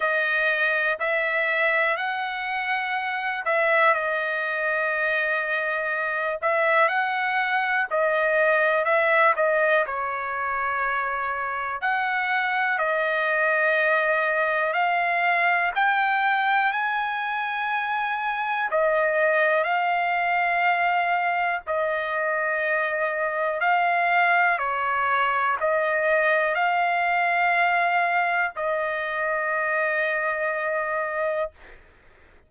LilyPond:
\new Staff \with { instrumentName = "trumpet" } { \time 4/4 \tempo 4 = 61 dis''4 e''4 fis''4. e''8 | dis''2~ dis''8 e''8 fis''4 | dis''4 e''8 dis''8 cis''2 | fis''4 dis''2 f''4 |
g''4 gis''2 dis''4 | f''2 dis''2 | f''4 cis''4 dis''4 f''4~ | f''4 dis''2. | }